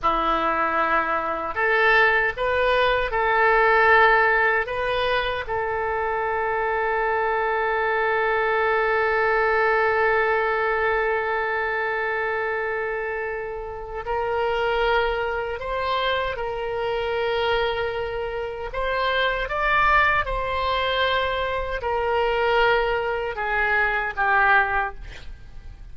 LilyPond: \new Staff \with { instrumentName = "oboe" } { \time 4/4 \tempo 4 = 77 e'2 a'4 b'4 | a'2 b'4 a'4~ | a'1~ | a'1~ |
a'2 ais'2 | c''4 ais'2. | c''4 d''4 c''2 | ais'2 gis'4 g'4 | }